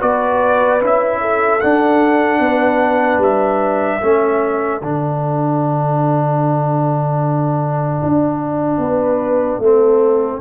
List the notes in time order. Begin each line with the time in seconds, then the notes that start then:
0.00 B3 F#4 B4 D5
0.81 C#4 E4 E5
1.21 A4
1.61 D4 F#5
2.40 B3 B4
3.18 G3 E5
4.02 A3 C#4 A4
4.82 D3 D4 F#5
8.03 D4
8.78 B3 B4
9.59 A3 C4 A4